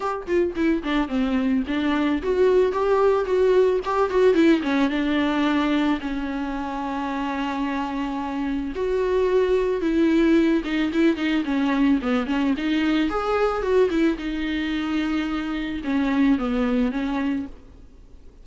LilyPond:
\new Staff \with { instrumentName = "viola" } { \time 4/4 \tempo 4 = 110 g'8 f'8 e'8 d'8 c'4 d'4 | fis'4 g'4 fis'4 g'8 fis'8 | e'8 cis'8 d'2 cis'4~ | cis'1 |
fis'2 e'4. dis'8 | e'8 dis'8 cis'4 b8 cis'8 dis'4 | gis'4 fis'8 e'8 dis'2~ | dis'4 cis'4 b4 cis'4 | }